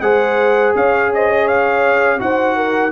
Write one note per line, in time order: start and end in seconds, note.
0.00 0.73 G#3
0.00 2.18 G#4
0.00 0.75 C5
0.00 0.72 F#5
0.75 2.20 C#4
0.75 1.13 C#5
0.75 1.12 F5
1.14 1.29 C5
1.14 1.47 D#5
1.29 2.19 C#5
1.47 2.20 F5
2.18 2.91 D#4
2.18 2.91 F#4
2.18 2.56 C5
2.18 2.91 F#5
2.56 2.91 A#4